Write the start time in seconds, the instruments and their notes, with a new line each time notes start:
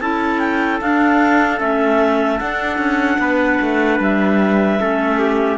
0.00 cello C#4, clarinet E4 A5, trumpet A4
0.39 clarinet G5
0.80 clarinet D4 F5, cello D4
1.59 cello A3, clarinet C#4 E5
2.39 cello D4, clarinet D4 F#5
2.78 cello C#4
3.18 cello B3, trumpet B4
3.61 cello A3
3.99 cello G3, clarinet E5
4.79 cello A3, clarinet C#4, trumpet A4
5.19 trumpet G4